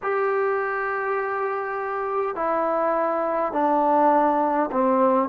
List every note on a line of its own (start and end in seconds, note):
0.02 2.35 G4
2.35 3.52 E4
3.52 4.70 D4
4.71 5.29 C4